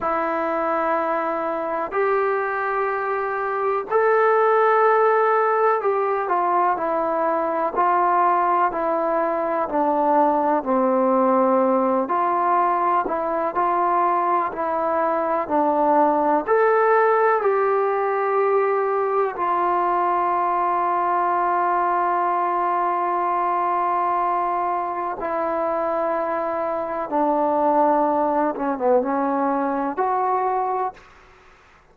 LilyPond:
\new Staff \with { instrumentName = "trombone" } { \time 4/4 \tempo 4 = 62 e'2 g'2 | a'2 g'8 f'8 e'4 | f'4 e'4 d'4 c'4~ | c'8 f'4 e'8 f'4 e'4 |
d'4 a'4 g'2 | f'1~ | f'2 e'2 | d'4. cis'16 b16 cis'4 fis'4 | }